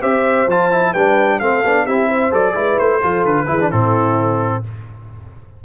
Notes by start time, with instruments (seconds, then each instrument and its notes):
0.00 tuba C4, trombone G4, horn C5, trumpet E5
0.47 tuba F3, trombone F4, trumpet A5
0.71 trombone E4
0.92 tuba G3, trombone D4, horn B4, trumpet G5
1.40 tuba A3, trombone C4, horn A4, trumpet F5
1.64 tuba B3, trombone D4
1.85 tuba C4, trombone E4, horn G4, trumpet E5
2.08 horn C5
2.31 tuba F#3, trombone A4, trumpet D5
2.54 tuba G#3, trombone E4, horn B4
2.79 tuba A3, trumpet C5
3.01 tuba F3, trombone F4, horn A4
3.25 tuba D3, trumpet B4
3.46 tuba E3, trombone E4, horn G#4
3.61 trombone D4
3.70 tuba A2, trombone C4, horn E4, trumpet A4